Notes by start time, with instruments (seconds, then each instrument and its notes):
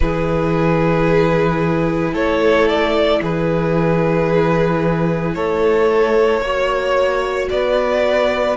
0.00 cello E3, viola E4, violin G#4 B4
2.12 cello A3, violin A4 C#5
2.68 violin D5
3.21 cello E3, violin G#4 B4
5.34 cello A3, violin A4 C#5
6.40 cello A#3, viola F#4, violin C#5
7.49 cello B3, violin B4 D5